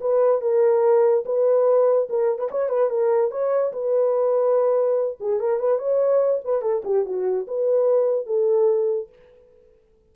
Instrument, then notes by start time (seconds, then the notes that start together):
horn
0.00 B4
0.41 A#4
1.25 B4
2.09 A#4
2.38 B4
2.51 C#5
2.69 B4
2.89 A#4
3.30 C#5
3.72 B4
5.20 G#4
5.39 A#4
5.59 B4
5.78 C#5
6.44 B4
6.62 A4
6.84 G4
7.05 F#4
7.47 B4
8.26 A4